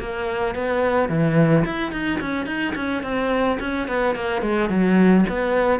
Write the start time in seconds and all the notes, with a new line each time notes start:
0.00 A#3
0.55 B3
1.09 E3
1.65 E4
1.92 D#4
2.20 C#4
2.46 D#4
2.76 C#4
3.03 C4
3.60 C#4
3.88 B3
4.16 A#3
4.42 G#3
4.69 F#3
5.29 B3